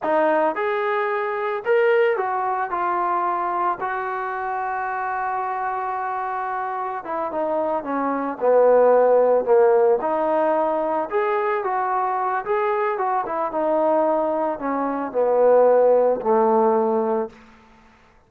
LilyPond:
\new Staff \with { instrumentName = "trombone" } { \time 4/4 \tempo 4 = 111 dis'4 gis'2 ais'4 | fis'4 f'2 fis'4~ | fis'1~ | fis'4 e'8 dis'4 cis'4 b8~ |
b4. ais4 dis'4.~ | dis'8 gis'4 fis'4. gis'4 | fis'8 e'8 dis'2 cis'4 | b2 a2 | }